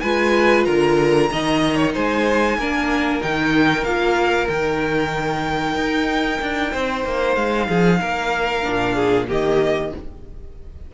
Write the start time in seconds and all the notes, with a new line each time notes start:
0.00 G#3 F4 B4 G#5
0.64 D3 A#4 A#5
1.31 D#3 D#4 D#5
1.76 C#5
1.93 G#3 C5 G#5
2.57 A#3 D4 A#4
3.21 D#3 D#4 G5
3.84 A#3 F4 F5
4.48 D#3 D#4 G5
5.75 D#4
6.41 D4
6.72 C4 C5
7.05 A#3
7.35 G#3 F5
7.67 F3 G#4
8.00 A#3 A#4
8.62 A#2 D4
8.95 G#4
9.28 D#3 A#3 G4 D#5